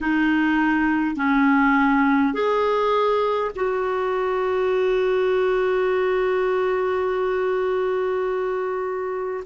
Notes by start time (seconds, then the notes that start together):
0.00 D#4
1.16 C#4
2.33 G#4
3.56 F#4